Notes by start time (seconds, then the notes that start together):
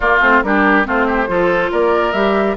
0.00 A#3 F4 D5
0.20 A3 C4 C5
0.42 G3 D4 G4 A#4
0.84 A3 C4 F4 C5
1.06 G4
1.27 F3 F4 A4
1.71 A#3 A#4 D5
2.12 G3 G4 E5